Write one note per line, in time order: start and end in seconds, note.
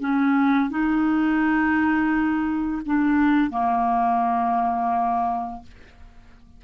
0.00 0.70 C#4
0.70 2.82 D#4
2.85 3.50 D4
3.50 5.62 A#3